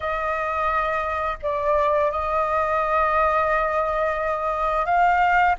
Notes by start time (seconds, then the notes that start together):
0.00 D#5
1.42 D5
2.11 D#5
4.85 F5